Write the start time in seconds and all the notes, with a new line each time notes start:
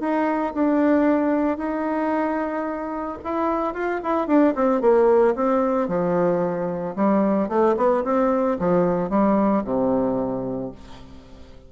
0.00 D#4
0.55 D4
1.58 D#4
3.24 E4
3.74 F4
4.03 E4
4.28 D4
4.55 C4
4.82 A#3
5.35 C4
5.88 F3
6.96 G3
7.49 A3
7.77 B3
8.04 C4
8.60 F3
9.10 G3
9.65 C3